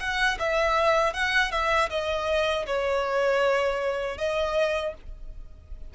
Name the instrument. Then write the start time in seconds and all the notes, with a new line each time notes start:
violin
0.00 F#5
0.39 E5
1.14 F#5
1.52 E5
1.90 D#5
2.67 C#5
4.18 D#5